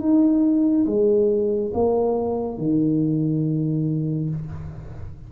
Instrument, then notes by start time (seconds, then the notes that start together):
tuba
0.00 D#4
0.86 G#3
1.74 A#3
2.58 D#3